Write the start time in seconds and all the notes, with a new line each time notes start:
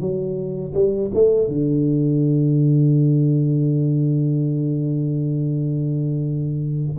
0.00 F#3
0.74 G3
1.14 A3
1.48 D3